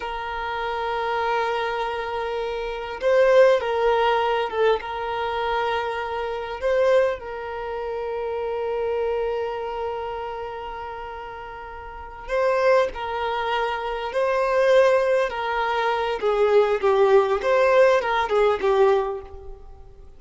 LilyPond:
\new Staff \with { instrumentName = "violin" } { \time 4/4 \tempo 4 = 100 ais'1~ | ais'4 c''4 ais'4. a'8 | ais'2. c''4 | ais'1~ |
ais'1~ | ais'8 c''4 ais'2 c''8~ | c''4. ais'4. gis'4 | g'4 c''4 ais'8 gis'8 g'4 | }